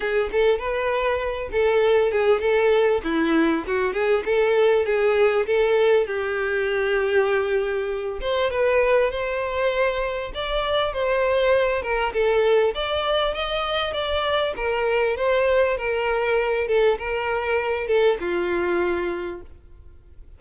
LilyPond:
\new Staff \with { instrumentName = "violin" } { \time 4/4 \tempo 4 = 99 gis'8 a'8 b'4. a'4 gis'8 | a'4 e'4 fis'8 gis'8 a'4 | gis'4 a'4 g'2~ | g'4. c''8 b'4 c''4~ |
c''4 d''4 c''4. ais'8 | a'4 d''4 dis''4 d''4 | ais'4 c''4 ais'4. a'8 | ais'4. a'8 f'2 | }